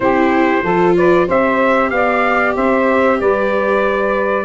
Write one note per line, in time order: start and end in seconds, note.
0.00 0.61 C4
0.00 0.64 E4
0.00 0.63 G4
0.00 0.95 C5
0.63 1.27 F3
0.63 1.28 F4
0.63 0.95 A4
0.96 1.26 B4
0.96 1.28 D5
1.26 1.91 C4
1.26 4.44 G4
1.26 1.90 C5
1.26 1.90 E5
1.90 2.55 B3
1.90 2.55 D5
1.90 2.54 F5
2.55 3.20 C4
2.55 3.18 C5
2.55 3.20 E5
3.20 4.44 G3
3.20 4.44 B4
3.20 4.44 D5